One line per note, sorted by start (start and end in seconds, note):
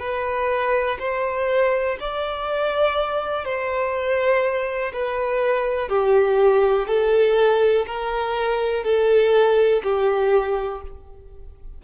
0.00 0.98 B4
1.00 1.98 C5
2.00 3.45 D5
3.45 4.93 C5
4.93 5.89 B4
5.89 6.88 G4
6.88 7.86 A4
7.87 8.84 A#4
8.84 9.83 A4
9.84 10.82 G4